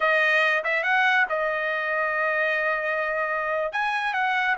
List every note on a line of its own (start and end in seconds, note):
0.00 0.63 D#5
0.64 0.83 E5
0.83 1.26 F#5
1.29 3.72 D#5
3.72 4.13 G#5
4.13 4.56 F#5